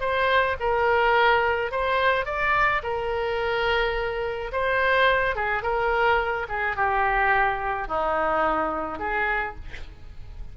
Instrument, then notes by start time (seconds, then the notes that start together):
oboe
0.00 C5
0.60 A#4
1.71 C5
2.25 D5
2.83 A#4
4.52 C5
5.35 G#4
5.62 A#4
6.48 G#4
6.76 G4
7.87 D#4
8.99 G#4